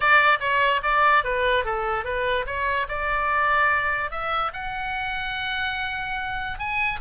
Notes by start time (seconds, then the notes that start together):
0.00 D5
0.40 C#5
0.83 D5
1.24 B4
1.64 A4
2.04 B4
2.46 C#5
2.88 D5
4.10 E5
4.53 F#5
6.59 G#5